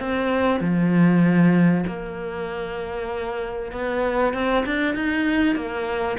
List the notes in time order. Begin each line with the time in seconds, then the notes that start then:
0.00 C4
0.61 F3
1.87 A#3
3.72 B3
4.34 C4
4.66 D4
4.95 D#4
5.56 A#3